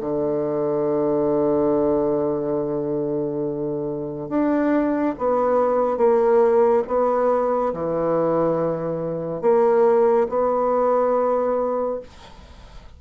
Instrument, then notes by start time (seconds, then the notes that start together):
bassoon
0.00 D3
4.29 D4
5.18 B3
5.97 A#3
6.87 B3
7.73 E3
9.41 A#3
10.29 B3